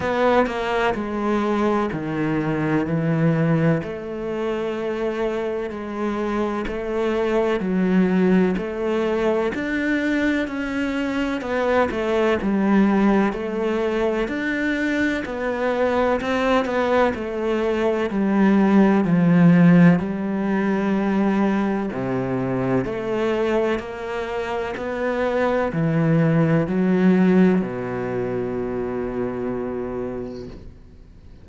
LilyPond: \new Staff \with { instrumentName = "cello" } { \time 4/4 \tempo 4 = 63 b8 ais8 gis4 dis4 e4 | a2 gis4 a4 | fis4 a4 d'4 cis'4 | b8 a8 g4 a4 d'4 |
b4 c'8 b8 a4 g4 | f4 g2 c4 | a4 ais4 b4 e4 | fis4 b,2. | }